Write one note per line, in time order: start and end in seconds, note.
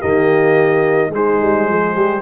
0.00 1.09 D#3
0.00 1.11 A#3
0.00 1.10 G4
0.00 1.11 D#5
1.09 1.36 G#3
1.09 2.21 G#3
1.09 1.69 D#4
1.15 2.21 C5
1.42 1.69 G3
1.69 1.96 F3
1.69 1.95 G#4
1.95 2.21 G3
1.95 2.21 G4